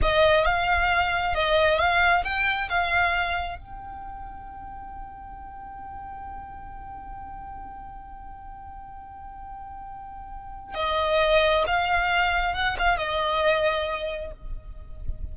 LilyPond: \new Staff \with { instrumentName = "violin" } { \time 4/4 \tempo 4 = 134 dis''4 f''2 dis''4 | f''4 g''4 f''2 | g''1~ | g''1~ |
g''1~ | g''1 | dis''2 f''2 | fis''8 f''8 dis''2. | }